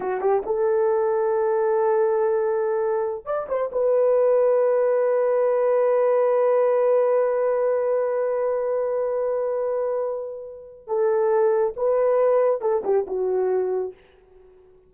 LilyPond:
\new Staff \with { instrumentName = "horn" } { \time 4/4 \tempo 4 = 138 fis'8 g'8 a'2.~ | a'2.~ a'8 d''8 | c''8 b'2.~ b'8~ | b'1~ |
b'1~ | b'1~ | b'4 a'2 b'4~ | b'4 a'8 g'8 fis'2 | }